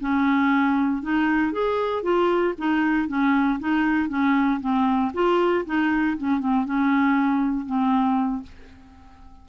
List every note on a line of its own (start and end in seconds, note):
0.00 1.02 C#4
1.02 1.52 D#4
1.52 2.03 G#4
2.03 2.54 F4
2.57 3.07 D#4
3.07 3.59 C#4
3.59 4.08 D#4
4.08 4.60 C#4
4.60 5.11 C4
5.13 5.64 F4
5.65 6.17 D#4
6.17 6.39 C#4
6.39 6.65 C4
6.65 7.65 C#4
7.65 8.42 C4